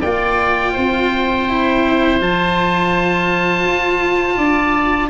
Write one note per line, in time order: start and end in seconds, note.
0.00 0.75 A#3
0.00 1.48 F4
0.00 0.72 D5
0.00 2.18 G5
0.72 2.20 C4
0.72 4.34 C5
1.48 2.20 E4
2.20 3.64 F3
2.20 5.09 F4
2.20 5.09 A5
3.64 4.36 F4
4.37 5.09 D4
4.37 5.09 D5